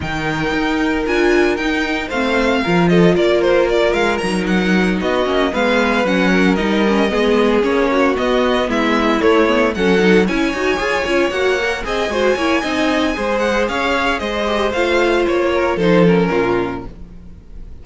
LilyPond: <<
  \new Staff \with { instrumentName = "violin" } { \time 4/4 \tempo 4 = 114 g''2 gis''4 g''4 | f''4. dis''8 d''8 c''8 d''8 f''8 | ais''8 fis''4 dis''4 f''4 fis''8~ | fis''8 dis''2 cis''4 dis''8~ |
dis''8 e''4 cis''4 fis''4 gis''8~ | gis''4. fis''4 gis''4.~ | gis''4. fis''8 f''4 dis''4 | f''4 cis''4 c''8 ais'4. | }
  \new Staff \with { instrumentName = "violin" } { \time 4/4 ais'1 | c''4 ais'8 a'8 ais'2~ | ais'4. fis'4 b'4. | ais'4. gis'4. fis'4~ |
fis'8 e'2 a'4 cis''8~ | cis''2~ cis''8 dis''8 c''8 cis''8 | dis''4 c''4 cis''4 c''4~ | c''4. ais'8 a'4 f'4 | }
  \new Staff \with { instrumentName = "viola" } { \time 4/4 dis'2 f'4 dis'4 | c'4 f'2. | dis'2 cis'8 b4 cis'8~ | cis'8 dis'8 cis'8 b4 cis'4 b8~ |
b4. a8 b8 cis'8 dis'8 e'8 | fis'8 gis'8 f'8 fis'8 ais'8 gis'8 fis'8 e'8 | dis'4 gis'2~ gis'8 g'8 | f'2 dis'8 cis'4. | }
  \new Staff \with { instrumentName = "cello" } { \time 4/4 dis4 dis'4 d'4 dis'4 | a4 f4 ais4. gis8 | fis4. b8 ais8 gis4 fis8~ | fis8 g4 gis4 ais4 b8~ |
b8 gis4 a4 fis4 cis'8 | dis'8 f'8 cis'8 ais4 c'8 gis8 ais8 | c'4 gis4 cis'4 gis4 | a4 ais4 f4 ais,4 | }
>>